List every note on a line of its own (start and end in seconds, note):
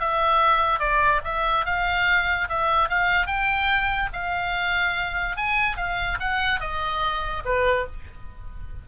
0.00 0.80 E5
0.80 1.21 D5
1.24 1.66 E5
1.66 2.48 F5
2.49 2.89 E5
2.89 3.27 F5
3.27 4.09 G5
4.13 5.37 F5
5.37 5.77 G#5
5.77 6.18 F5
6.20 6.60 F#5
6.60 7.43 D#5
7.45 7.86 B4